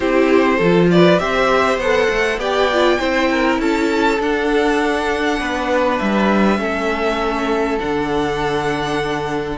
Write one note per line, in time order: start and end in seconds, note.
0.00 0.59 C4
0.00 0.60 E4
0.00 0.56 G4
0.00 0.89 C5
0.56 1.19 F3
0.56 0.86 A4
0.63 1.19 F4
0.90 1.21 B4
0.90 1.19 D5
1.19 1.78 C4
1.19 1.79 G4
1.19 2.39 C5
1.19 1.79 E5
1.78 2.08 B3
1.78 2.39 A4
1.78 2.39 F#5
2.09 2.37 A3
2.37 2.97 B3
2.37 2.69 G4
2.37 2.98 D5
2.37 3.60 G5
2.73 2.98 F4
2.98 3.58 C4
2.98 4.18 E4
2.98 3.29 C5
3.30 3.60 A#4
3.58 4.18 C#4
3.58 5.39 A4
3.58 4.20 A5
4.19 5.39 D4
4.19 6.58 D4
4.19 5.98 F#5
5.39 6.00 B3
5.39 6.59 B4
5.98 6.58 G3
5.98 7.78 E5
6.58 7.78 A3
6.58 7.78 C#4
6.58 9.58 A4
7.79 9.58 D3
7.79 9.58 D4
7.79 9.58 F#5